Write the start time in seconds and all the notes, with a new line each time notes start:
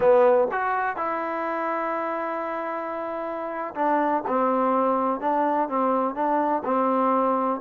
0.00 B3
0.51 F#4
0.96 E4
3.75 D4
4.27 C4
5.20 D4
5.69 C4
6.14 D4
6.64 C4